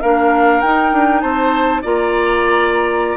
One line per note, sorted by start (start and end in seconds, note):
0.00 0.62 A#3
0.00 0.63 D4
0.00 1.22 A#4
0.00 0.60 F5
0.60 0.92 D#4
0.60 1.83 D#4
0.60 1.20 G5
0.92 1.22 D4
1.20 1.83 C4
1.20 1.82 C5
1.20 1.81 A5
1.82 3.16 A#3
1.82 3.16 F4
1.82 3.16 D5
1.82 3.16 A#5